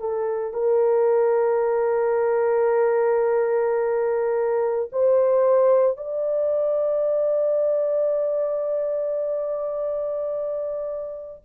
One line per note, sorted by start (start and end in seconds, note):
0.00 0.54 A4
0.54 4.90 A#4
4.92 5.97 C5
5.97 11.42 D5